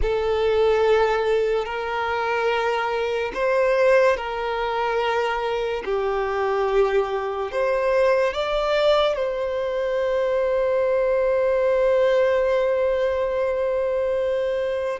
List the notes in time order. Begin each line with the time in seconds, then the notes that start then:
0.02 A4
1.65 A#4
3.34 C5
4.16 A#4
5.84 G4
7.52 C5
8.33 D5
9.16 C5